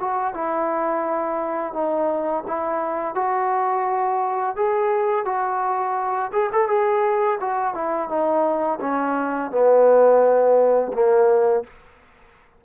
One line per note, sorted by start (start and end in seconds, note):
0.00 0.34 F#4
0.34 1.73 E4
1.73 2.44 D#4
2.47 3.15 E4
3.15 4.56 F#4
4.56 5.25 G#4
5.25 6.31 F#4
6.33 6.50 G#4
6.53 6.68 A4
6.68 7.39 G#4
7.41 7.75 F#4
7.75 8.09 E4
8.09 8.79 D#4
8.81 9.51 C#4
9.51 10.93 B3
10.93 11.64 A#3